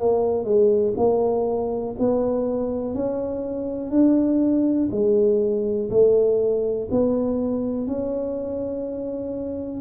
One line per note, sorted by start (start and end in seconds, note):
0.00 0.44 A#3
0.44 0.93 G#3
0.97 1.95 A#3
1.99 2.95 B3
2.95 3.90 C#4
3.90 4.89 D4
4.91 5.90 G#3
5.90 6.89 A3
6.91 7.88 B3
7.88 9.81 C#4